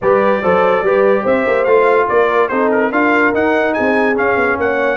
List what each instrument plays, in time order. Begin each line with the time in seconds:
0.01 tuba G3, trombone G4, horn B4, trumpet D5
0.42 tuba F#3, trombone A4, horn C5
0.82 tuba G3, trombone G4, horn B4
1.22 tuba C4, horn C5, trumpet E5
1.46 tuba A#3
1.64 tuba A3, trombone F4, trumpet F5
2.08 tuba A#3, horn A#4, trumpet D5
2.48 tuba C4, trombone D#4, horn A4, trumpet C5
2.71 trumpet A#4
2.91 tuba D4, trombone F4, horn A#4, trumpet F5
3.33 tuba D#4, trombone D#4, trumpet F#5
3.73 tuba C4, horn G#4, trumpet G#5
4.15 trombone C#4, tuba C#4, trumpet F5
4.35 tuba B3
4.57 tuba A#3, horn C#5, trumpet F#5